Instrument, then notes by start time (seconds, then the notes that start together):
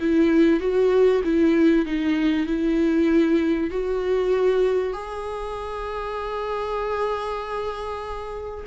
viola
0.00 E4
0.60 F#4
1.25 E4
1.86 D#4
2.47 E4
3.71 F#4
4.94 G#4